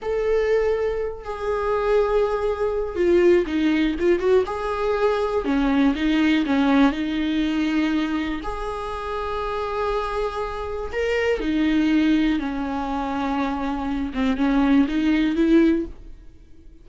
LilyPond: \new Staff \with { instrumentName = "viola" } { \time 4/4 \tempo 4 = 121 a'2~ a'8 gis'4.~ | gis'2 f'4 dis'4 | f'8 fis'8 gis'2 cis'4 | dis'4 cis'4 dis'2~ |
dis'4 gis'2.~ | gis'2 ais'4 dis'4~ | dis'4 cis'2.~ | cis'8 c'8 cis'4 dis'4 e'4 | }